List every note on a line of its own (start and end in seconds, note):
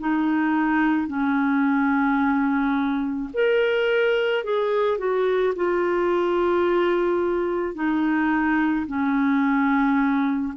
0.00 1.08 D#4
1.08 3.30 C#4
3.34 4.44 A#4
4.44 4.98 G#4
4.98 5.54 F#4
5.56 7.75 F4
7.75 8.86 D#4
8.87 10.54 C#4